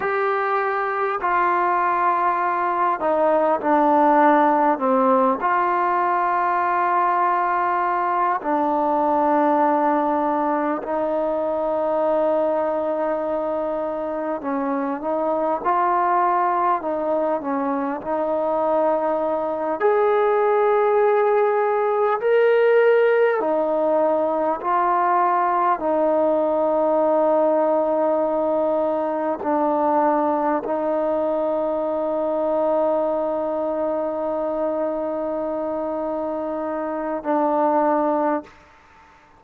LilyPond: \new Staff \with { instrumentName = "trombone" } { \time 4/4 \tempo 4 = 50 g'4 f'4. dis'8 d'4 | c'8 f'2~ f'8 d'4~ | d'4 dis'2. | cis'8 dis'8 f'4 dis'8 cis'8 dis'4~ |
dis'8 gis'2 ais'4 dis'8~ | dis'8 f'4 dis'2~ dis'8~ | dis'8 d'4 dis'2~ dis'8~ | dis'2. d'4 | }